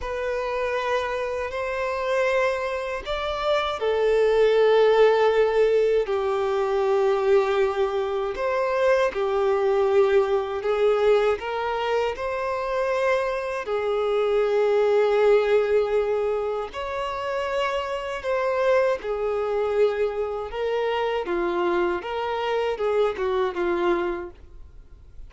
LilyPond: \new Staff \with { instrumentName = "violin" } { \time 4/4 \tempo 4 = 79 b'2 c''2 | d''4 a'2. | g'2. c''4 | g'2 gis'4 ais'4 |
c''2 gis'2~ | gis'2 cis''2 | c''4 gis'2 ais'4 | f'4 ais'4 gis'8 fis'8 f'4 | }